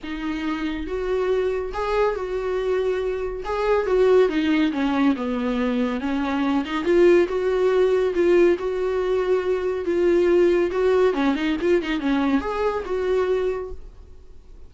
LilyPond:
\new Staff \with { instrumentName = "viola" } { \time 4/4 \tempo 4 = 140 dis'2 fis'2 | gis'4 fis'2. | gis'4 fis'4 dis'4 cis'4 | b2 cis'4. dis'8 |
f'4 fis'2 f'4 | fis'2. f'4~ | f'4 fis'4 cis'8 dis'8 f'8 dis'8 | cis'4 gis'4 fis'2 | }